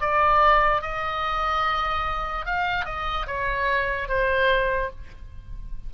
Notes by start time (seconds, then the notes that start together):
0.00 D5
0.81 D#5
2.46 F5
2.85 D#5
3.27 C#5
4.08 C5